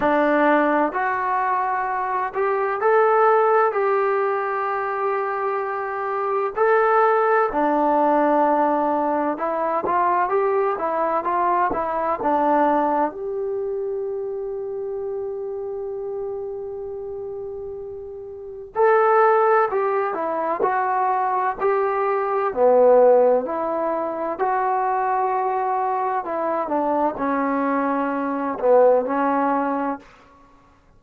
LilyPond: \new Staff \with { instrumentName = "trombone" } { \time 4/4 \tempo 4 = 64 d'4 fis'4. g'8 a'4 | g'2. a'4 | d'2 e'8 f'8 g'8 e'8 | f'8 e'8 d'4 g'2~ |
g'1 | a'4 g'8 e'8 fis'4 g'4 | b4 e'4 fis'2 | e'8 d'8 cis'4. b8 cis'4 | }